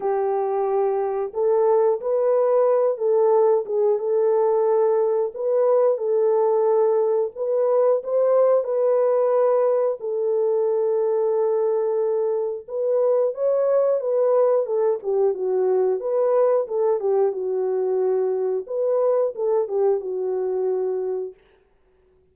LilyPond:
\new Staff \with { instrumentName = "horn" } { \time 4/4 \tempo 4 = 90 g'2 a'4 b'4~ | b'8 a'4 gis'8 a'2 | b'4 a'2 b'4 | c''4 b'2 a'4~ |
a'2. b'4 | cis''4 b'4 a'8 g'8 fis'4 | b'4 a'8 g'8 fis'2 | b'4 a'8 g'8 fis'2 | }